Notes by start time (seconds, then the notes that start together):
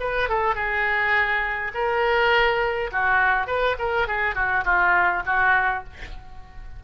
0.00 B4
0.29 A4
0.55 G#4
1.74 A#4
2.92 F#4
3.47 B4
3.79 A#4
4.08 G#4
4.35 F#4
4.65 F4
5.26 F#4